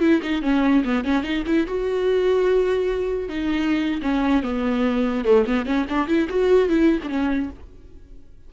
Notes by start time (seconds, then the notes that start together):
0.00 E4
0.22 D#4
0.42 C#4
0.84 B3
1.04 C#4
1.23 D#4
1.46 E4
1.67 F#4
3.29 D#4
4.02 C#4
4.43 B3
5.25 A3
5.46 B3
5.65 C#4
5.89 D4
6.07 E4
6.29 F#4
6.69 E4
7.03 C#4 D4